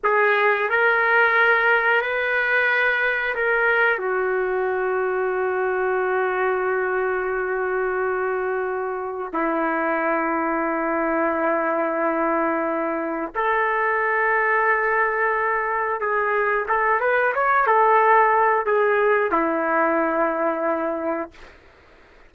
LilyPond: \new Staff \with { instrumentName = "trumpet" } { \time 4/4 \tempo 4 = 90 gis'4 ais'2 b'4~ | b'4 ais'4 fis'2~ | fis'1~ | fis'2 e'2~ |
e'1 | a'1 | gis'4 a'8 b'8 cis''8 a'4. | gis'4 e'2. | }